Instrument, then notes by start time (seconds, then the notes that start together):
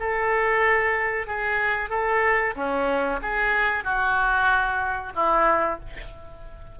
oboe
0.00 A4
1.27 G#4
1.90 A4
2.56 C#4
3.22 G#4
3.84 F#4
5.15 E4